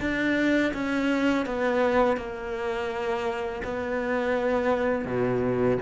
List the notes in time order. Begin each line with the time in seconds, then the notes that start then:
0.00 D4
0.73 C#4
1.46 B3
2.17 A#3
3.64 B3
5.05 B2